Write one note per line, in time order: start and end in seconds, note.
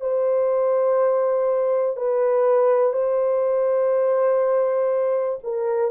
0.00 1.96 C5
1.96 2.93 B4
2.93 5.39 C5
5.43 5.91 A#4